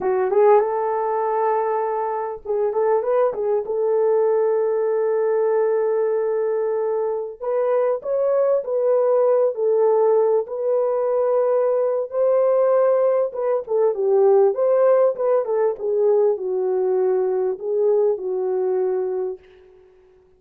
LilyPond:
\new Staff \with { instrumentName = "horn" } { \time 4/4 \tempo 4 = 99 fis'8 gis'8 a'2. | gis'8 a'8 b'8 gis'8 a'2~ | a'1~ | a'16 b'4 cis''4 b'4. a'16~ |
a'4~ a'16 b'2~ b'8. | c''2 b'8 a'8 g'4 | c''4 b'8 a'8 gis'4 fis'4~ | fis'4 gis'4 fis'2 | }